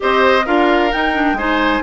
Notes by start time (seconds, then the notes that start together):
0.00 C4 G4 C5 D#5
0.45 D4 F4 A#4 F5
0.92 D#4 G5
1.13 D4
1.33 G#3 D#4 C5 G#5